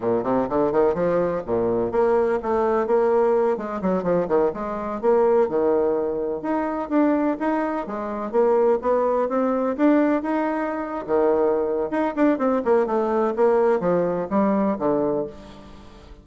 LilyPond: \new Staff \with { instrumentName = "bassoon" } { \time 4/4 \tempo 4 = 126 ais,8 c8 d8 dis8 f4 ais,4 | ais4 a4 ais4. gis8 | fis8 f8 dis8 gis4 ais4 dis8~ | dis4. dis'4 d'4 dis'8~ |
dis'8 gis4 ais4 b4 c'8~ | c'8 d'4 dis'4.~ dis'16 dis8.~ | dis4 dis'8 d'8 c'8 ais8 a4 | ais4 f4 g4 d4 | }